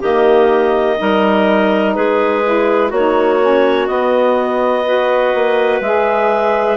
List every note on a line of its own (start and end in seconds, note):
0.00 0.99 D#3
0.00 0.97 A#3
0.00 0.97 G4
0.00 1.94 D#5
0.97 1.97 G3
0.97 2.43 D#4
0.97 1.96 A#4
1.94 2.92 G#3
1.94 2.90 G#4
1.94 2.91 B4
2.44 2.92 E4
2.90 3.89 A#3
2.90 4.83 F#4
2.90 3.87 C#5
2.96 3.41 D#4
3.41 3.88 C#4
3.87 4.85 B3
3.87 5.34 B3
3.87 5.81 D#5
4.86 5.83 F#4
4.86 6.78 B4
5.35 5.81 A#3
5.81 6.78 G#3
5.81 6.78 G#4
5.81 6.78 E5